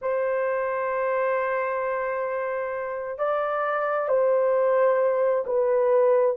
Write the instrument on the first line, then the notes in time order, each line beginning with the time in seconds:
horn
0.01 C5
3.18 D5
4.08 C5
5.46 B4